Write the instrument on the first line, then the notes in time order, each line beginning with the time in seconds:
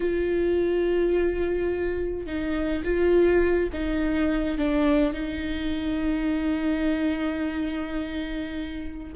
viola
0.00 F4
2.26 D#4
2.84 F4
3.72 D#4
4.57 D4
5.13 D#4